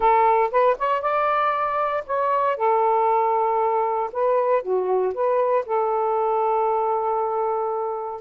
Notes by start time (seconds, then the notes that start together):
0.00 A4
0.51 B4
0.78 C#5
1.01 D5
2.06 C#5
2.56 A4
4.12 B4
4.62 F#4
5.14 B4
5.65 A4